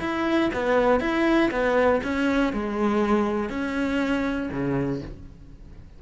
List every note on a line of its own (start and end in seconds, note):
0.00 0.50 E4
0.53 1.00 B3
1.00 1.50 E4
1.51 2.01 B3
2.03 2.53 C#4
2.53 3.49 G#3
3.49 4.49 C#4
4.52 5.02 C#3